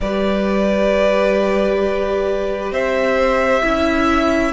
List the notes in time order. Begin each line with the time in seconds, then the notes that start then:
0.01 G3 G4 B4 D5
2.71 C4 C5 E5
3.62 C#4 E4 E5